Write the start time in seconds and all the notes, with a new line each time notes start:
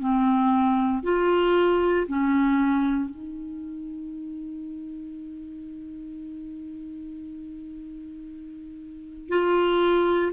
0.00 C4
1.04 F4
2.08 C#4
3.10 D#4
9.29 F4